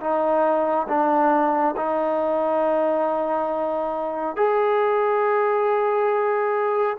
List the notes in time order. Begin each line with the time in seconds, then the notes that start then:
0.00 D#4
0.88 D4
1.76 D#4
4.36 G#4